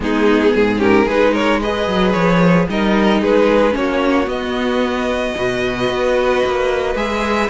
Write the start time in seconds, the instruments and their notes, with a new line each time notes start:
0.00 cello G#3, viola B3, violin D#4 G#4
0.54 cello G#2, violin G#4
0.77 viola C#4, violin G4 A#4
1.04 cello G#3, viola D#4, violin G#4 B4
1.33 violin A#4 C#5
1.60 viola G#4, violin B4 D#5
1.87 cello F#3
2.12 cello F3, violin C#5
2.68 cello G3, viola D#4, violin A#4 D#5
3.21 cello G#3, violin G#4 B4
3.71 cello A#3, viola C#4, violin F#4 C#5
4.26 viola B3, cello B3, violin D#5
5.36 cello B2, viola F#4, violin B4
5.89 cello B3
6.45 cello A#3
6.95 cello G#3, viola G#4, violin E5